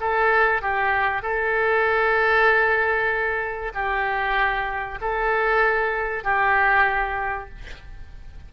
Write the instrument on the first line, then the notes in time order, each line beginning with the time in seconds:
oboe
0.00 A4
0.62 G4
1.22 A4
3.74 G4
5.01 A4
6.24 G4